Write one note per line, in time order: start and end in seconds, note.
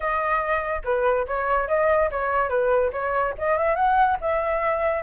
0.00 0.82 D#5
0.84 1.26 B4
1.27 1.68 C#5
1.68 2.10 D#5
2.10 2.49 C#5
2.49 2.91 B4
2.92 3.34 C#5
3.37 3.58 D#5
3.58 3.75 E5
3.75 4.17 F#5
4.20 5.03 E5